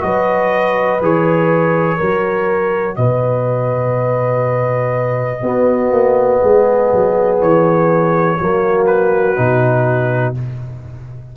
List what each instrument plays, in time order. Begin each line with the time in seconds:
0.00 tuba F#3, trombone F#4, horn B4, trumpet D#5
1.01 tuba E3, trombone G#4, trumpet C#5
1.97 tuba F#3, trombone F#4, horn A#4
2.96 tuba B2, horn B4, trumpet D#5
5.42 tuba B3, trombone B3, horn F#4
5.91 tuba A#3
6.40 tuba G#3, horn G#4
6.93 tuba F#3
7.41 tuba E3, trumpet C#5
8.39 tuba F#3, trombone A#3, horn F#4
8.86 trumpet B4
9.36 tuba B2, trombone D#4